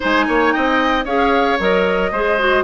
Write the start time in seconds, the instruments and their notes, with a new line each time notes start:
0.00 bassoon G#3, clarinet D#4, oboe C5, flute G#5
0.27 bassoon A#3, oboe C#5
0.51 bassoon C4, oboe D#5, flute G5
1.04 bassoon C#4, clarinet G#4, oboe C#5, flute F5
1.59 bassoon F#3, clarinet A#4, flute D#5
2.11 bassoon G#3, clarinet G#4, oboe C5
2.38 clarinet F#4